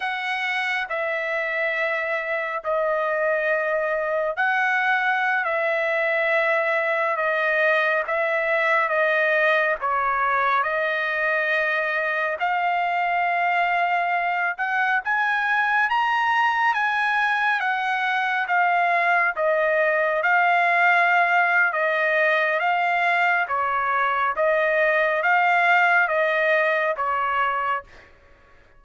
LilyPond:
\new Staff \with { instrumentName = "trumpet" } { \time 4/4 \tempo 4 = 69 fis''4 e''2 dis''4~ | dis''4 fis''4~ fis''16 e''4.~ e''16~ | e''16 dis''4 e''4 dis''4 cis''8.~ | cis''16 dis''2 f''4.~ f''16~ |
f''8. fis''8 gis''4 ais''4 gis''8.~ | gis''16 fis''4 f''4 dis''4 f''8.~ | f''4 dis''4 f''4 cis''4 | dis''4 f''4 dis''4 cis''4 | }